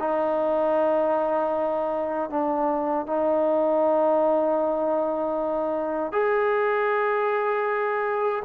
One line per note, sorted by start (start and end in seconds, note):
0.00 2.30 D#4
2.30 3.07 D4
3.07 6.13 D#4
6.13 8.43 G#4